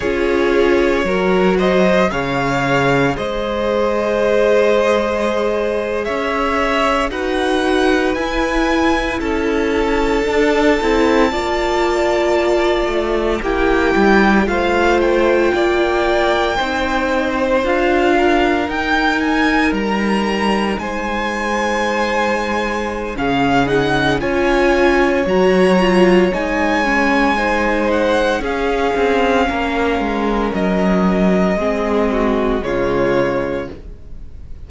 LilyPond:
<<
  \new Staff \with { instrumentName = "violin" } { \time 4/4 \tempo 4 = 57 cis''4. dis''8 f''4 dis''4~ | dis''4.~ dis''16 e''4 fis''4 gis''16~ | gis''8. a''2.~ a''16~ | a''8. g''4 f''8 g''4.~ g''16~ |
g''8. f''4 g''8 gis''8 ais''4 gis''16~ | gis''2 f''8 fis''8 gis''4 | ais''4 gis''4. fis''8 f''4~ | f''4 dis''2 cis''4 | }
  \new Staff \with { instrumentName = "violin" } { \time 4/4 gis'4 ais'8 c''8 cis''4 c''4~ | c''4.~ c''16 cis''4 b'4~ b'16~ | b'8. a'2 d''4~ d''16~ | d''8. g'4 c''4 d''4 c''16~ |
c''4~ c''16 ais'2~ ais'8 c''16~ | c''2 gis'4 cis''4~ | cis''2 c''4 gis'4 | ais'2 gis'8 fis'8 f'4 | }
  \new Staff \with { instrumentName = "viola" } { \time 4/4 f'4 fis'4 gis'2~ | gis'2~ gis'8. fis'4 e'16~ | e'4.~ e'16 d'8 e'8 f'4~ f'16~ | f'8. e'4 f'2 dis'16~ |
dis'8. f'4 dis'2~ dis'16~ | dis'2 cis'8 dis'8 f'4 | fis'8 f'8 dis'8 cis'8 dis'4 cis'4~ | cis'2 c'4 gis4 | }
  \new Staff \with { instrumentName = "cello" } { \time 4/4 cis'4 fis4 cis4 gis4~ | gis4.~ gis16 cis'4 dis'4 e'16~ | e'8. cis'4 d'8 c'8 ais4~ ais16~ | ais16 a8 ais8 g8 a4 ais4 c'16~ |
c'8. d'4 dis'4 g4 gis16~ | gis2 cis4 cis'4 | fis4 gis2 cis'8 c'8 | ais8 gis8 fis4 gis4 cis4 | }
>>